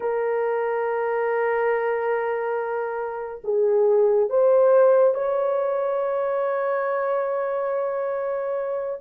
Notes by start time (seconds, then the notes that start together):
0.00 A#4
3.44 G#4
4.29 C5
5.14 C#5